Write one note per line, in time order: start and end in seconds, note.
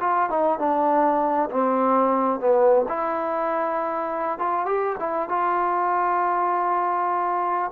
0.00 0.29 F4
0.29 0.59 D#4
0.59 1.50 D4
1.50 2.40 C4
2.40 2.86 B3
2.88 4.39 E4
4.39 4.66 F4
4.66 4.96 G4
4.99 5.29 E4
5.29 7.71 F4